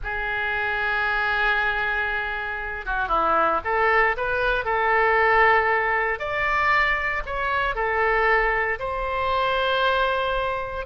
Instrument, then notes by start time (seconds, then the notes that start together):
oboe
0.03 G#4
2.85 F#4
3.08 E4
3.64 A4
4.16 B4
4.64 A4
6.19 D5
7.26 C#5
7.75 A4
8.79 C5